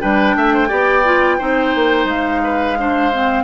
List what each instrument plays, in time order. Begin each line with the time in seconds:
0.00 bassoon G3, clarinet D4, oboe B4, flute G5
0.35 bassoon A3, oboe E5
0.54 oboe C5
0.68 bassoon B3, clarinet G4, oboe D5
1.04 clarinet F4
1.38 bassoon C4, clarinet D#4, oboe C5
1.75 bassoon A#3
2.04 bassoon G#3, flute F5
2.43 oboe B4
2.77 clarinet D4, oboe C5
3.12 clarinet C4